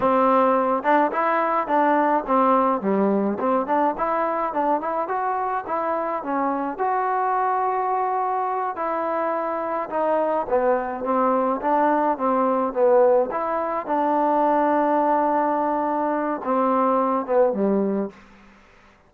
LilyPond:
\new Staff \with { instrumentName = "trombone" } { \time 4/4 \tempo 4 = 106 c'4. d'8 e'4 d'4 | c'4 g4 c'8 d'8 e'4 | d'8 e'8 fis'4 e'4 cis'4 | fis'2.~ fis'8 e'8~ |
e'4. dis'4 b4 c'8~ | c'8 d'4 c'4 b4 e'8~ | e'8 d'2.~ d'8~ | d'4 c'4. b8 g4 | }